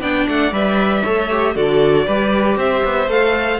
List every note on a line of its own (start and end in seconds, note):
0.00 0.26 B3
0.00 0.52 D4
0.00 1.03 D5
0.00 0.27 G5
0.28 0.51 A3
0.28 0.54 F#5
0.51 1.02 G3
0.51 1.04 B4
0.51 1.56 E5
1.03 1.55 A3
1.03 1.30 A4
1.03 1.54 C#5
1.30 1.55 G4
1.54 2.06 D3
1.54 2.06 F#4
1.54 2.06 A4
1.54 2.58 D5
2.06 2.56 G3
2.06 3.08 G4
2.06 2.58 B4
2.56 2.82 C4
2.56 3.60 C5
2.56 3.10 E5
2.84 3.07 B3
3.07 3.58 A3
3.07 3.60 A4
3.07 3.60 F5